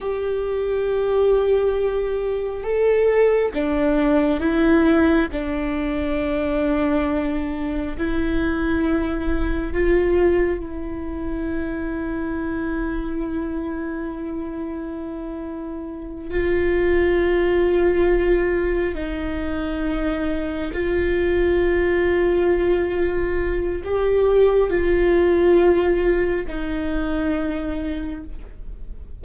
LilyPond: \new Staff \with { instrumentName = "viola" } { \time 4/4 \tempo 4 = 68 g'2. a'4 | d'4 e'4 d'2~ | d'4 e'2 f'4 | e'1~ |
e'2~ e'8 f'4.~ | f'4. dis'2 f'8~ | f'2. g'4 | f'2 dis'2 | }